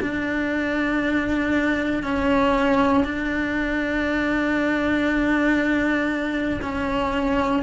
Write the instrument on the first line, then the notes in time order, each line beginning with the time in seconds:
cello
0.00 D4
2.02 C#4
3.04 D4
6.61 C#4